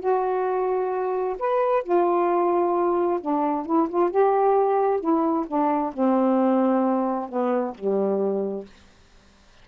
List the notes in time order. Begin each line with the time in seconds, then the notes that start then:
0.00 F#4
1.39 B4
1.83 F4
3.20 D4
3.66 E4
3.89 F4
4.10 G4
5.00 E4
5.47 D4
5.93 C4
7.29 B3
7.75 G3